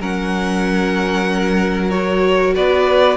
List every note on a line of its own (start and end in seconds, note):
0.00 2.55 F#3
0.00 1.91 C#4
0.00 2.55 A#4
0.00 1.90 F#5
1.90 3.17 F#4
1.90 2.54 C#5
2.55 3.17 B3
2.55 3.17 B4
2.55 3.17 D5